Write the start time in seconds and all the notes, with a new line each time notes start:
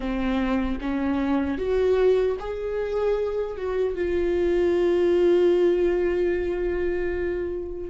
0.00 C4
0.80 C#4
1.58 F#4
2.39 G#4
3.56 F#4
3.95 F4